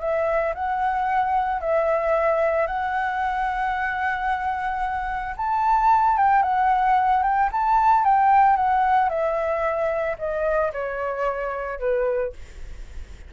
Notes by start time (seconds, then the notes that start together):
0.00 E5
0.54 F#5
1.61 E5
2.67 F#5
5.37 A5
6.17 G5
6.42 F#5
7.23 G5
7.52 A5
8.04 G5
8.56 F#5
9.09 E5
10.18 D#5
10.73 C#5
11.79 B4